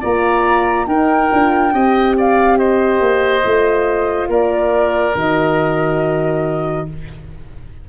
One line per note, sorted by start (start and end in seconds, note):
0.00 0.86 A#3
0.00 0.87 F4
0.00 0.86 D5
0.00 0.87 A#5
0.86 1.29 D#4
0.86 1.30 D#4
0.86 1.73 A#4
0.86 2.15 G5
1.31 1.73 D4
1.31 1.72 F4
1.72 3.00 C4
1.72 3.43 G4
1.72 2.16 D#5
2.17 2.58 D5
2.17 2.57 F5
2.57 4.29 C5
2.57 4.29 D#5
3.00 3.43 A#3
3.43 4.27 A3
3.43 5.14 F4
4.27 5.13 A#3
4.27 6.86 A#4
4.27 5.16 D5
5.15 6.86 D#3
5.15 6.88 F#4
5.15 6.89 D#5